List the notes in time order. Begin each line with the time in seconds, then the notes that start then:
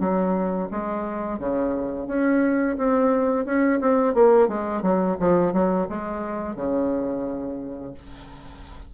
0.00 F#3
0.71 G#3
1.39 C#3
2.08 C#4
2.78 C4
3.46 C#4
3.81 C4
4.15 A#3
4.49 G#3
4.83 F#3
5.20 F3
5.53 F#3
5.89 G#3
6.56 C#3